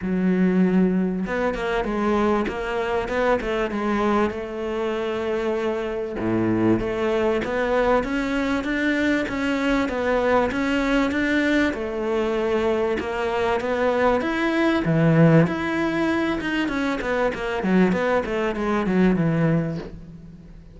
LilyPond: \new Staff \with { instrumentName = "cello" } { \time 4/4 \tempo 4 = 97 fis2 b8 ais8 gis4 | ais4 b8 a8 gis4 a4~ | a2 a,4 a4 | b4 cis'4 d'4 cis'4 |
b4 cis'4 d'4 a4~ | a4 ais4 b4 e'4 | e4 e'4. dis'8 cis'8 b8 | ais8 fis8 b8 a8 gis8 fis8 e4 | }